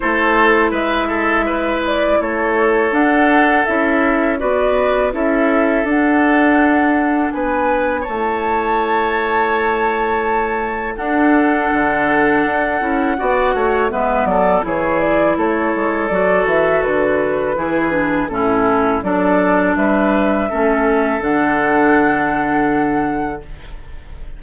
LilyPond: <<
  \new Staff \with { instrumentName = "flute" } { \time 4/4 \tempo 4 = 82 c''4 e''4. d''8 cis''4 | fis''4 e''4 d''4 e''4 | fis''2 gis''4 a''4~ | a''2. fis''4~ |
fis''2. e''8 d''8 | cis''8 d''8 cis''4 d''8 e''8 b'4~ | b'4 a'4 d''4 e''4~ | e''4 fis''2. | }
  \new Staff \with { instrumentName = "oboe" } { \time 4/4 a'4 b'8 a'8 b'4 a'4~ | a'2 b'4 a'4~ | a'2 b'4 cis''4~ | cis''2. a'4~ |
a'2 d''8 cis''8 b'8 a'8 | gis'4 a'2. | gis'4 e'4 a'4 b'4 | a'1 | }
  \new Staff \with { instrumentName = "clarinet" } { \time 4/4 e'1 | d'4 e'4 fis'4 e'4 | d'2. e'4~ | e'2. d'4~ |
d'4. e'8 fis'4 b4 | e'2 fis'2 | e'8 d'8 cis'4 d'2 | cis'4 d'2. | }
  \new Staff \with { instrumentName = "bassoon" } { \time 4/4 a4 gis2 a4 | d'4 cis'4 b4 cis'4 | d'2 b4 a4~ | a2. d'4 |
d4 d'8 cis'8 b8 a8 gis8 fis8 | e4 a8 gis8 fis8 e8 d4 | e4 a,4 fis4 g4 | a4 d2. | }
>>